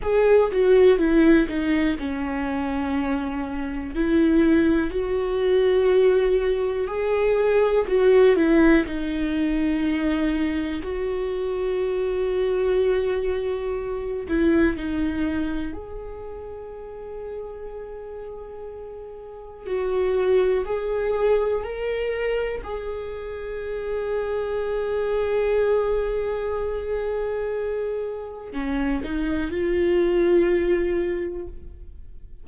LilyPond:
\new Staff \with { instrumentName = "viola" } { \time 4/4 \tempo 4 = 61 gis'8 fis'8 e'8 dis'8 cis'2 | e'4 fis'2 gis'4 | fis'8 e'8 dis'2 fis'4~ | fis'2~ fis'8 e'8 dis'4 |
gis'1 | fis'4 gis'4 ais'4 gis'4~ | gis'1~ | gis'4 cis'8 dis'8 f'2 | }